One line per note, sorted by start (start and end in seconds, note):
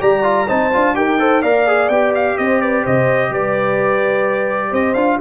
0.00 0.49 G3
0.00 0.23 G4
0.00 0.47 D5
0.00 0.49 A#5
0.23 0.47 F4
0.47 0.74 C4
0.47 0.72 D#4
0.47 0.94 C5
0.47 0.96 A5
0.72 0.97 D4
0.72 0.95 F4
0.95 1.43 D#4
0.95 1.19 G4
0.95 1.20 A#4
0.95 1.42 G5
1.19 1.43 A4
1.19 1.42 C5
1.42 1.89 A#3
1.42 1.67 A#4
1.42 2.37 D5
1.42 1.89 F5
1.67 1.91 G#4
1.89 2.37 B3
1.89 4.96 G4
1.89 2.13 G5
2.15 2.38 F5
2.38 2.86 C4
2.38 2.61 C5
2.38 2.61 D#5
2.61 2.83 B4
2.61 2.85 D5
2.83 3.30 C3
2.83 3.30 C5
2.83 3.33 D#5
3.30 4.72 G3
3.30 4.70 B4
3.30 4.74 D5
4.70 4.95 C4
4.70 5.18 C5
4.70 4.94 D#5
4.94 5.19 D4
4.94 5.19 F4
4.94 5.18 F5